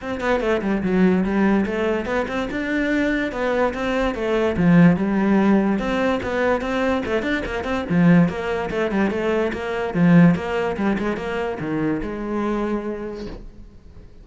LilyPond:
\new Staff \with { instrumentName = "cello" } { \time 4/4 \tempo 4 = 145 c'8 b8 a8 g8 fis4 g4 | a4 b8 c'8 d'2 | b4 c'4 a4 f4 | g2 c'4 b4 |
c'4 a8 d'8 ais8 c'8 f4 | ais4 a8 g8 a4 ais4 | f4 ais4 g8 gis8 ais4 | dis4 gis2. | }